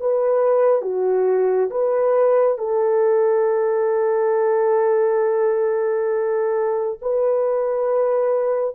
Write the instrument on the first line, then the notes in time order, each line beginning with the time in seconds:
horn
0.00 B4
0.82 F#4
1.71 B4
2.58 A4
7.02 B4